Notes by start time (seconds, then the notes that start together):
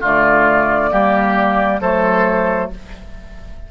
0.00 D3 A3 F4 D5
0.90 G3 A#3 G4
1.80 F#3 A3 A4 C5